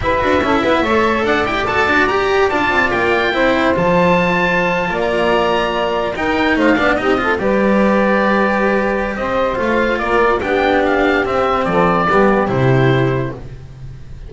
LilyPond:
<<
  \new Staff \with { instrumentName = "oboe" } { \time 4/4 \tempo 4 = 144 e''2. fis''8 g''8 | a''4 ais''4 a''4 g''4~ | g''4 a''2. | ais''2~ ais''8. g''4 f''16~ |
f''8. dis''4 d''2~ d''16~ | d''2 dis''4 f''4 | d''4 g''4 f''4 e''4 | d''2 c''2 | }
  \new Staff \with { instrumentName = "saxophone" } { \time 4/4 b'4 a'8 b'8 cis''4 d''4~ | d''1 | c''2.~ c''8. d''16~ | d''2~ d''8. ais'4 c''16~ |
c''16 d''8 g'8 a'8 b'2~ b'16~ | b'2 c''2 | ais'4 g'2. | a'4 g'2. | }
  \new Staff \with { instrumentName = "cello" } { \time 4/4 g'8 fis'8 e'4 a'4. g'8 | a'8 fis'8 g'4 f'2 | e'4 f'2.~ | f'2~ f'8. dis'4~ dis'16~ |
dis'16 d'8 dis'8 f'8 g'2~ g'16~ | g'2. f'4~ | f'4 d'2 c'4~ | c'4 b4 e'2 | }
  \new Staff \with { instrumentName = "double bass" } { \time 4/4 e'8 d'8 cis'8 b8 a4 d'8 e'8 | fis'8 d'8 g'4 d'8 c'8 ais4 | c'4 f2~ f8. ais16~ | ais2~ ais8. dis'4 a16~ |
a16 b8 c'4 g2~ g16~ | g2 c'4 a4 | ais4 b2 c'4 | f4 g4 c2 | }
>>